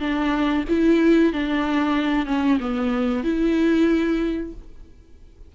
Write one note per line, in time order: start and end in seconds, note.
0.00 0.65 D4
0.69 1.33 E4
1.33 2.26 D4
2.26 2.58 C#4
2.60 3.24 B3
3.24 4.53 E4